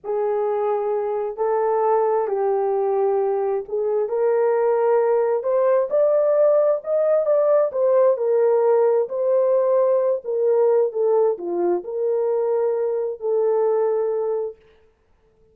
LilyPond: \new Staff \with { instrumentName = "horn" } { \time 4/4 \tempo 4 = 132 gis'2. a'4~ | a'4 g'2. | gis'4 ais'2. | c''4 d''2 dis''4 |
d''4 c''4 ais'2 | c''2~ c''8 ais'4. | a'4 f'4 ais'2~ | ais'4 a'2. | }